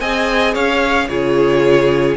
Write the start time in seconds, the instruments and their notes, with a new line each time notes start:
0.00 cello C4, viola G#4, violin D#5 G#5
0.53 cello C#4, violin C#5 F5
1.08 cello C#3, viola F4, violin G#4 C#5